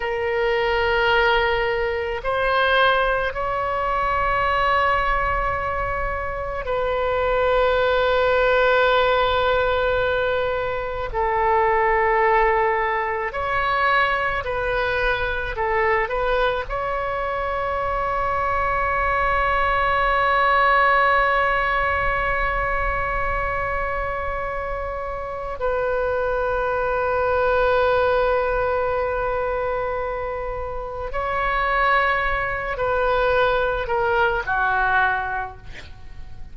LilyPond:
\new Staff \with { instrumentName = "oboe" } { \time 4/4 \tempo 4 = 54 ais'2 c''4 cis''4~ | cis''2 b'2~ | b'2 a'2 | cis''4 b'4 a'8 b'8 cis''4~ |
cis''1~ | cis''2. b'4~ | b'1 | cis''4. b'4 ais'8 fis'4 | }